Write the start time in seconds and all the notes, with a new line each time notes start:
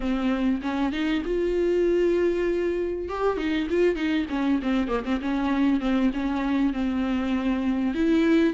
0.00 C4
0.62 C#4
0.92 D#4
1.25 F4
3.09 G4
3.37 D#4
3.70 F4
3.95 D#4
4.29 C#4
4.62 C4
4.88 A#3
5.05 C4
5.21 C#4
5.80 C4
6.13 C#4
6.73 C4
7.94 E4